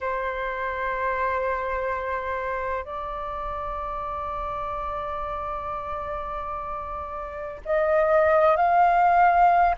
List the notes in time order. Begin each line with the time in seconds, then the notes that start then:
0.00 C5
2.84 D5
7.65 D#5
8.56 F5